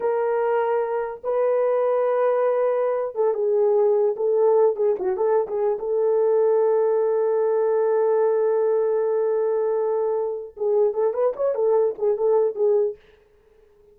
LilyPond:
\new Staff \with { instrumentName = "horn" } { \time 4/4 \tempo 4 = 148 ais'2. b'4~ | b'2.~ b'8. a'16~ | a'16 gis'2 a'4. gis'16~ | gis'16 fis'8 a'8. gis'8. a'4.~ a'16~ |
a'1~ | a'1~ | a'2 gis'4 a'8 b'8 | cis''8 a'4 gis'8 a'4 gis'4 | }